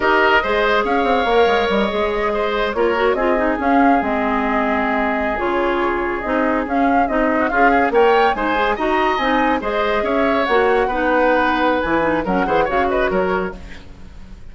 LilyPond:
<<
  \new Staff \with { instrumentName = "flute" } { \time 4/4 \tempo 4 = 142 dis''2 f''2 | dis''2~ dis''8 cis''4 dis''8~ | dis''8 f''4 dis''2~ dis''8~ | dis''8. cis''2 dis''4 f''16~ |
f''8. dis''4 f''4 g''4 gis''16~ | gis''8. ais''4 gis''4 dis''4 e''16~ | e''8. fis''2.~ fis''16 | gis''4 fis''4 f''8 dis''8 cis''4 | }
  \new Staff \with { instrumentName = "oboe" } { \time 4/4 ais'4 c''4 cis''2~ | cis''4. c''4 ais'4 gis'8~ | gis'1~ | gis'1~ |
gis'4. fis'16 f'8 gis'8 cis''4 c''16~ | c''8. dis''2 c''4 cis''16~ | cis''4.~ cis''16 b'2~ b'16~ | b'4 ais'8 c''8 cis''8 b'8 ais'4 | }
  \new Staff \with { instrumentName = "clarinet" } { \time 4/4 g'4 gis'2 ais'4~ | ais'8 gis'2 f'8 fis'8 f'8 | dis'8 cis'4 c'2~ c'8~ | c'8. f'2 dis'4 cis'16~ |
cis'8. dis'4 gis'4 ais'4 dis'16~ | dis'16 gis'8 fis'4 dis'4 gis'4~ gis'16~ | gis'8. fis'4 dis'2~ dis'16 | e'8 dis'8 cis'8 gis'8 fis'2 | }
  \new Staff \with { instrumentName = "bassoon" } { \time 4/4 dis'4 gis4 cis'8 c'8 ais8 gis8 | g8 gis2 ais4 c'8~ | c'8 cis'4 gis2~ gis8~ | gis8. cis2 c'4 cis'16~ |
cis'8. c'4 cis'4 ais4 gis16~ | gis8. dis'4 c'4 gis4 cis'16~ | cis'8. ais4 b2~ b16 | e4 fis8 e8 cis4 fis4 | }
>>